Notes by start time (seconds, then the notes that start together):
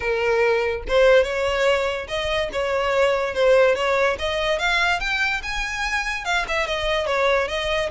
0.00 A#4
0.87 C5
1.23 C#5
2.07 D#5
2.52 C#5
3.34 C5
3.75 C#5
4.18 D#5
4.58 F5
5.00 G5
5.43 G#5
6.24 F5
6.48 E5
6.66 D#5
7.06 C#5
7.48 D#5